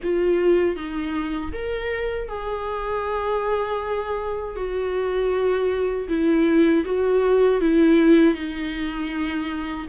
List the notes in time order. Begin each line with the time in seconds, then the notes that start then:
0.03 F4
0.76 D#4
1.52 A#4
2.28 G#4
4.56 F#4
6.08 E4
6.85 F#4
7.61 E4
8.34 D#4